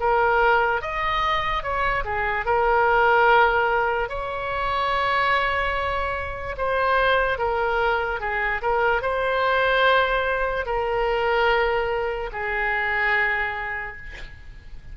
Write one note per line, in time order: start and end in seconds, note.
0.00 0.82 A#4
0.82 1.63 D#5
1.63 2.04 C#5
2.05 2.46 G#4
2.46 4.09 A#4
4.09 6.56 C#5
6.58 7.39 C5
7.39 8.20 A#4
8.20 8.62 G#4
8.62 9.02 A#4
9.02 10.66 C5
10.66 12.31 A#4
12.33 13.97 G#4